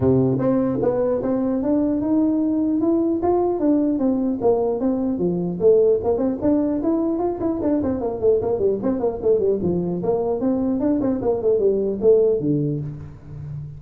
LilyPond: \new Staff \with { instrumentName = "tuba" } { \time 4/4 \tempo 4 = 150 c4 c'4 b4 c'4 | d'4 dis'2 e'4 | f'4 d'4 c'4 ais4 | c'4 f4 a4 ais8 c'8 |
d'4 e'4 f'8 e'8 d'8 c'8 | ais8 a8 ais8 g8 c'8 ais8 a8 g8 | f4 ais4 c'4 d'8 c'8 | ais8 a8 g4 a4 d4 | }